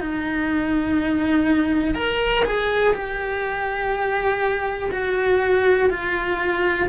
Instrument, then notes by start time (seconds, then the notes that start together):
cello
0.00 D#4
1.94 A#4
2.44 G#4
2.93 G4
4.91 F#4
5.89 F4